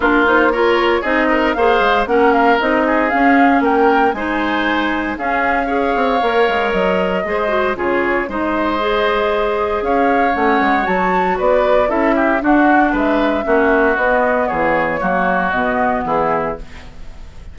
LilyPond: <<
  \new Staff \with { instrumentName = "flute" } { \time 4/4 \tempo 4 = 116 ais'8 c''8 cis''4 dis''4 f''4 | fis''8 f''8 dis''4 f''4 g''4 | gis''2 f''2~ | f''4 dis''2 cis''4 |
dis''2. f''4 | fis''4 a''4 d''4 e''4 | fis''4 e''2 dis''4 | cis''2 dis''4 gis'4 | }
  \new Staff \with { instrumentName = "oboe" } { \time 4/4 f'4 ais'4 gis'8 ais'8 c''4 | ais'4. gis'4. ais'4 | c''2 gis'4 cis''4~ | cis''2 c''4 gis'4 |
c''2. cis''4~ | cis''2 b'4 a'8 g'8 | fis'4 b'4 fis'2 | gis'4 fis'2 e'4 | }
  \new Staff \with { instrumentName = "clarinet" } { \time 4/4 d'8 dis'8 f'4 dis'4 gis'4 | cis'4 dis'4 cis'2 | dis'2 cis'4 gis'4 | ais'2 gis'8 fis'8 f'4 |
dis'4 gis'2. | cis'4 fis'2 e'4 | d'2 cis'4 b4~ | b4 ais4 b2 | }
  \new Staff \with { instrumentName = "bassoon" } { \time 4/4 ais2 c'4 ais8 gis8 | ais4 c'4 cis'4 ais4 | gis2 cis'4. c'8 | ais8 gis8 fis4 gis4 cis4 |
gis2. cis'4 | a8 gis8 fis4 b4 cis'4 | d'4 gis4 ais4 b4 | e4 fis4 b,4 e4 | }
>>